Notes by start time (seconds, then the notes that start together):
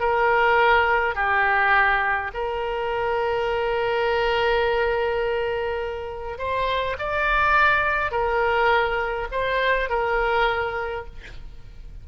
0.00 A#4
1.15 G4
2.34 A#4
6.38 C5
6.99 D5
8.12 A#4
9.32 C5
9.89 A#4